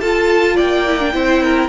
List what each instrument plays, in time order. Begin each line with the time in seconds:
0.00 cello F4, viola F4, violin A4 A5
0.56 cello A#3, violin D5 G5
0.87 viola E4
1.00 viola D4
1.12 cello C4, viola E4, violin C5
1.43 violin A#4